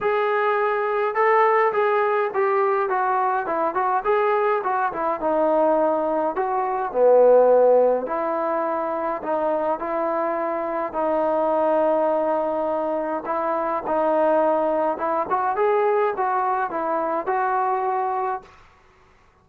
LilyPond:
\new Staff \with { instrumentName = "trombone" } { \time 4/4 \tempo 4 = 104 gis'2 a'4 gis'4 | g'4 fis'4 e'8 fis'8 gis'4 | fis'8 e'8 dis'2 fis'4 | b2 e'2 |
dis'4 e'2 dis'4~ | dis'2. e'4 | dis'2 e'8 fis'8 gis'4 | fis'4 e'4 fis'2 | }